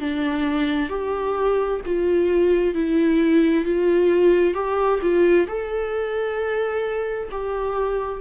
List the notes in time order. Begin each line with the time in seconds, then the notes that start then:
0.00 D4
0.89 G4
1.86 F4
2.74 E4
3.64 F4
4.54 G4
5.02 F4
5.47 A4
7.31 G4